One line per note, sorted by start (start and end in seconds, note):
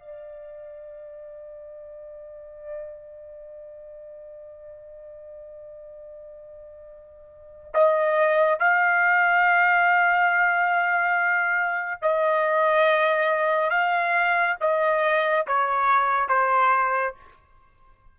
0.00 7.71 D5
7.74 8.60 D#5
8.60 12.02 F5
12.02 13.70 D#5
13.70 14.56 F5
14.61 15.47 D#5
15.48 16.29 C#5
16.29 17.15 C5